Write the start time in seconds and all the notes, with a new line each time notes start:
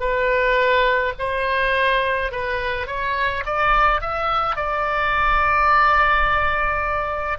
0.00 B4
1.19 C5
2.32 B4
2.87 C#5
3.45 D5
4.01 E5
4.56 D5